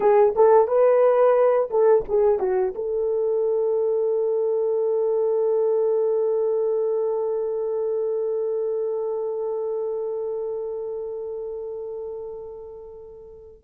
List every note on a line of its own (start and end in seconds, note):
0.00 0.34 G#4
0.35 0.67 A4
0.67 1.69 B4
1.70 2.04 A4
2.08 2.39 G#4
2.39 2.73 F#4
2.75 13.63 A4